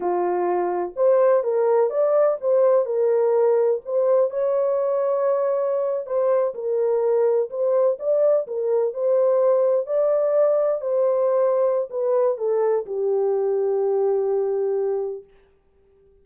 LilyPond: \new Staff \with { instrumentName = "horn" } { \time 4/4 \tempo 4 = 126 f'2 c''4 ais'4 | d''4 c''4 ais'2 | c''4 cis''2.~ | cis''8. c''4 ais'2 c''16~ |
c''8. d''4 ais'4 c''4~ c''16~ | c''8. d''2 c''4~ c''16~ | c''4 b'4 a'4 g'4~ | g'1 | }